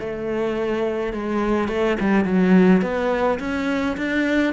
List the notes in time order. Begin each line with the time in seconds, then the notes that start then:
0.00 A3
1.13 G#3
1.69 A3
2.00 G3
2.25 F#3
2.82 B3
3.39 C#4
3.97 D4